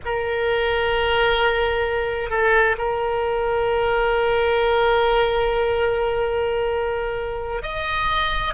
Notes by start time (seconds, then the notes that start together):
0.05 A#4
2.30 A4
2.77 A#4
7.62 D#5